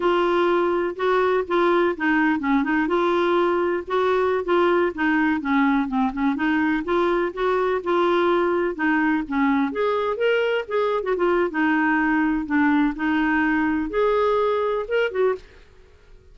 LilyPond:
\new Staff \with { instrumentName = "clarinet" } { \time 4/4 \tempo 4 = 125 f'2 fis'4 f'4 | dis'4 cis'8 dis'8 f'2 | fis'4~ fis'16 f'4 dis'4 cis'8.~ | cis'16 c'8 cis'8 dis'4 f'4 fis'8.~ |
fis'16 f'2 dis'4 cis'8.~ | cis'16 gis'4 ais'4 gis'8. fis'16 f'8. | dis'2 d'4 dis'4~ | dis'4 gis'2 ais'8 fis'8 | }